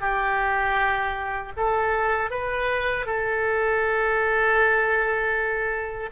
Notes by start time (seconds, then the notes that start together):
0.00 G4
1.57 A4
2.30 B4
3.06 A4